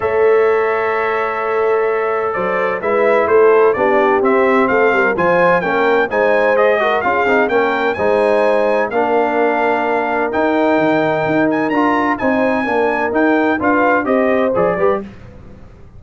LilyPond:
<<
  \new Staff \with { instrumentName = "trumpet" } { \time 4/4 \tempo 4 = 128 e''1~ | e''4 d''4 e''4 c''4 | d''4 e''4 f''4 gis''4 | g''4 gis''4 dis''4 f''4 |
g''4 gis''2 f''4~ | f''2 g''2~ | g''8 gis''8 ais''4 gis''2 | g''4 f''4 dis''4 d''4 | }
  \new Staff \with { instrumentName = "horn" } { \time 4/4 cis''1~ | cis''4 c''4 b'4 a'4 | g'2 a'8 ais'8 c''4 | ais'4 c''4. ais'8 gis'4 |
ais'4 c''2 ais'4~ | ais'1~ | ais'2 c''4 ais'4~ | ais'4 b'4 c''4. b'8 | }
  \new Staff \with { instrumentName = "trombone" } { \time 4/4 a'1~ | a'2 e'2 | d'4 c'2 f'4 | cis'4 dis'4 gis'8 fis'8 f'8 dis'8 |
cis'4 dis'2 d'4~ | d'2 dis'2~ | dis'4 f'4 dis'4 d'4 | dis'4 f'4 g'4 gis'8 g'8 | }
  \new Staff \with { instrumentName = "tuba" } { \time 4/4 a1~ | a4 fis4 gis4 a4 | b4 c'4 a8 g8 f4 | ais4 gis2 cis'8 c'8 |
ais4 gis2 ais4~ | ais2 dis'4 dis4 | dis'4 d'4 c'4 ais4 | dis'4 d'4 c'4 f8 g8 | }
>>